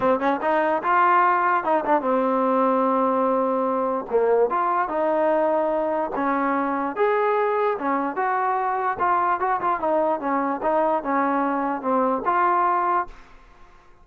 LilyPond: \new Staff \with { instrumentName = "trombone" } { \time 4/4 \tempo 4 = 147 c'8 cis'8 dis'4 f'2 | dis'8 d'8 c'2.~ | c'2 ais4 f'4 | dis'2. cis'4~ |
cis'4 gis'2 cis'4 | fis'2 f'4 fis'8 f'8 | dis'4 cis'4 dis'4 cis'4~ | cis'4 c'4 f'2 | }